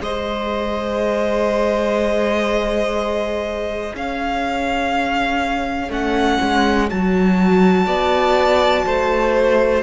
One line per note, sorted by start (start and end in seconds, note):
0.00 3.93 G#3
0.00 5.90 G#4
0.00 3.96 C5
0.00 3.96 D#5
3.94 5.89 C#4
3.94 7.87 C#5
3.94 5.91 F5
5.89 6.38 A3
5.89 6.88 C#4
5.89 6.90 F#5
6.42 6.91 G#3
6.89 7.87 F#3
6.89 9.83 F#4
6.89 9.83 A5
7.87 8.85 B3
7.87 8.85 D5
8.86 9.83 A3
8.86 9.83 C5